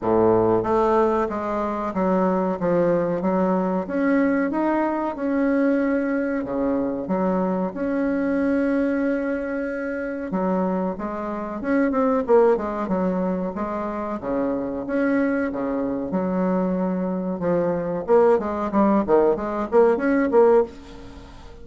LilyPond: \new Staff \with { instrumentName = "bassoon" } { \time 4/4 \tempo 4 = 93 a,4 a4 gis4 fis4 | f4 fis4 cis'4 dis'4 | cis'2 cis4 fis4 | cis'1 |
fis4 gis4 cis'8 c'8 ais8 gis8 | fis4 gis4 cis4 cis'4 | cis4 fis2 f4 | ais8 gis8 g8 dis8 gis8 ais8 cis'8 ais8 | }